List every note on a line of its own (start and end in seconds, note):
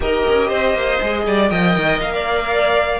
0.00 0.23 D#4
0.00 0.99 G4
0.00 0.48 A#4
0.00 1.49 D#5
0.28 0.51 C#4
0.48 0.74 C4
0.48 1.23 C5
0.74 0.99 A#3
1.00 1.26 G#3
1.00 1.50 G#4
1.26 1.51 G3
1.26 1.50 D5
1.49 1.75 F3
1.49 2.99 A#4
1.49 2.12 D#5
1.49 1.99 G5
1.75 2.00 D#3
2.00 2.99 A#3
2.00 2.99 F5
2.14 2.99 D5